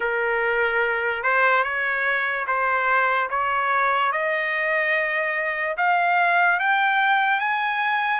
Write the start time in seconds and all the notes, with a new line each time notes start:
0.00 A#4
1.23 C5
1.63 C#5
2.47 C5
3.30 C#5
4.11 D#5
5.77 F5
6.59 G5
7.40 G#5